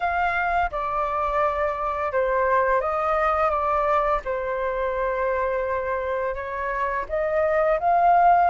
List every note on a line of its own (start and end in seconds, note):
0.00 0.70 F5
0.71 2.12 D5
2.12 2.80 C5
2.80 3.49 D#5
3.49 4.20 D5
4.24 6.34 C5
6.34 7.05 C#5
7.08 7.79 D#5
7.79 8.50 F5